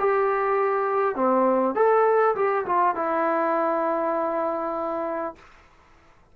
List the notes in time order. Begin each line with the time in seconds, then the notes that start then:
0.00 G4
1.16 C4
1.76 A4
2.36 G4
2.66 F4
2.96 E4